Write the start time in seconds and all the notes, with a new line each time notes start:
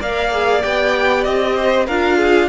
0.00 A#3 A#4 D5 F5
0.32 G#4
0.62 B3 G4 G5
1.24 C4 D#5
1.55 C5
1.86 D4 F4 A#4 F5
2.18 G#4